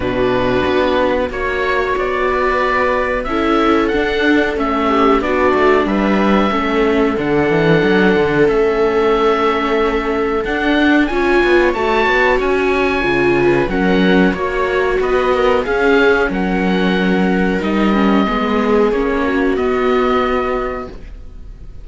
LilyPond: <<
  \new Staff \with { instrumentName = "oboe" } { \time 4/4 \tempo 4 = 92 b'2 cis''4 d''4~ | d''4 e''4 fis''4 e''4 | d''4 e''2 fis''4~ | fis''4 e''2. |
fis''4 gis''4 a''4 gis''4~ | gis''4 fis''4 cis''4 dis''4 | f''4 fis''2 dis''4~ | dis''4 cis''4 dis''2 | }
  \new Staff \with { instrumentName = "viola" } { \time 4/4 fis'2 cis''4. b'8~ | b'4 a'2~ a'8 g'8 | fis'4 b'4 a'2~ | a'1~ |
a'4 cis''2.~ | cis''8 b'8 ais'4 cis''4 b'8 ais'8 | gis'4 ais'2. | gis'4. fis'2~ fis'8 | }
  \new Staff \with { instrumentName = "viola" } { \time 4/4 d'2 fis'2~ | fis'4 e'4 d'4 cis'4 | d'2 cis'4 d'4~ | d'4 cis'2. |
d'4 f'4 fis'2 | f'4 cis'4 fis'2 | cis'2. dis'8 cis'8 | b4 cis'4 b2 | }
  \new Staff \with { instrumentName = "cello" } { \time 4/4 b,4 b4 ais4 b4~ | b4 cis'4 d'4 a4 | b8 a8 g4 a4 d8 e8 | fis8 d8 a2. |
d'4 cis'8 b8 a8 b8 cis'4 | cis4 fis4 ais4 b4 | cis'4 fis2 g4 | gis4 ais4 b2 | }
>>